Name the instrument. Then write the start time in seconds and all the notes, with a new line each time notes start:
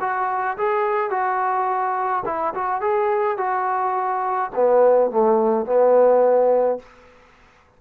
trombone
0.00 F#4
0.57 G#4
1.10 F#4
2.25 E4
2.54 F#4
2.81 G#4
3.37 F#4
4.55 B3
5.10 A3
5.65 B3